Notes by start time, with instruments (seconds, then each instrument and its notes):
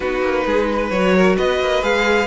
0.00 cello B3, viola D#4, violin F#4 B4
0.22 cello A#3
0.45 cello G#3, violin G#4
0.71 violin B4
0.90 cello F#3, viola F#4, violin C#5
1.16 violin A#4
1.36 cello B3, violin B4 D#5
1.59 cello A#3
1.81 cello G#3, viola G#4, violin F5